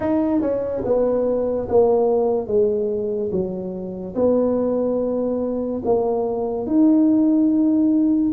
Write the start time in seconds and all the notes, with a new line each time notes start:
0.00 D#4
0.41 C#4
0.84 B3
1.69 A#3
2.47 G#3
3.31 F#3
4.15 B3
5.84 A#3
6.66 D#4